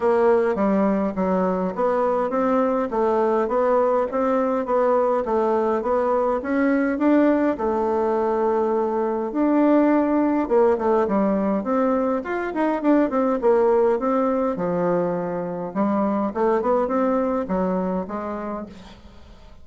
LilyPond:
\new Staff \with { instrumentName = "bassoon" } { \time 4/4 \tempo 4 = 103 ais4 g4 fis4 b4 | c'4 a4 b4 c'4 | b4 a4 b4 cis'4 | d'4 a2. |
d'2 ais8 a8 g4 | c'4 f'8 dis'8 d'8 c'8 ais4 | c'4 f2 g4 | a8 b8 c'4 fis4 gis4 | }